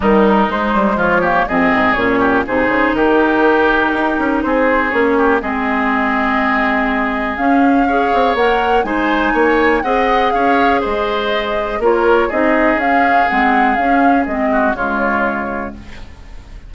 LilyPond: <<
  \new Staff \with { instrumentName = "flute" } { \time 4/4 \tempo 4 = 122 ais'4 c''4 cis''4 dis''4 | cis''4 c''4 ais'2~ | ais'4 c''4 cis''4 dis''4~ | dis''2. f''4~ |
f''4 fis''4 gis''2 | fis''4 f''4 dis''2 | cis''4 dis''4 f''4 fis''4 | f''4 dis''4 cis''2 | }
  \new Staff \with { instrumentName = "oboe" } { \time 4/4 dis'2 f'8 g'8 gis'4~ | gis'8 g'8 gis'4 g'2~ | g'4 gis'4. g'8 gis'4~ | gis'1 |
cis''2 c''4 cis''4 | dis''4 cis''4 c''2 | ais'4 gis'2.~ | gis'4. fis'8 f'2 | }
  \new Staff \with { instrumentName = "clarinet" } { \time 4/4 g4 gis4. ais8 c'4 | cis'4 dis'2.~ | dis'2 cis'4 c'4~ | c'2. cis'4 |
gis'4 ais'4 dis'2 | gis'1 | f'4 dis'4 cis'4 c'4 | cis'4 c'4 gis2 | }
  \new Staff \with { instrumentName = "bassoon" } { \time 4/4 dis4 gis8 g8 f4 f,8 gis,8 | ais,4 c8 cis8 dis2 | dis'8 cis'8 c'4 ais4 gis4~ | gis2. cis'4~ |
cis'8 c'8 ais4 gis4 ais4 | c'4 cis'4 gis2 | ais4 c'4 cis'4 gis4 | cis'4 gis4 cis2 | }
>>